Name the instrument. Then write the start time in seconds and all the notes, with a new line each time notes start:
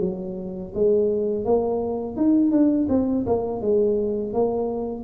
tuba
0.00 F#3
0.74 G#3
1.45 A#3
2.16 D#4
2.51 D4
2.89 C4
3.26 A#3
3.61 G#3
4.33 A#3